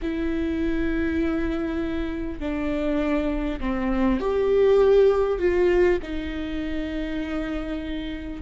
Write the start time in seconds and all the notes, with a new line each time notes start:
0.02 E4
2.39 D4
3.59 C4
4.19 G4
5.38 F4
6.02 D#4